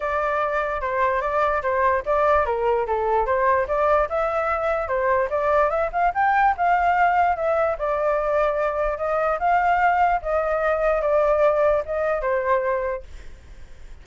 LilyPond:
\new Staff \with { instrumentName = "flute" } { \time 4/4 \tempo 4 = 147 d''2 c''4 d''4 | c''4 d''4 ais'4 a'4 | c''4 d''4 e''2 | c''4 d''4 e''8 f''8 g''4 |
f''2 e''4 d''4~ | d''2 dis''4 f''4~ | f''4 dis''2 d''4~ | d''4 dis''4 c''2 | }